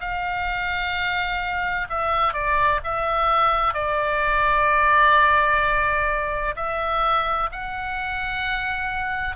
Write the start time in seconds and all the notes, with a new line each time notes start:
0.00 F5
1.89 E5
2.33 D5
2.83 E5
3.73 D5
6.55 E5
7.51 F#5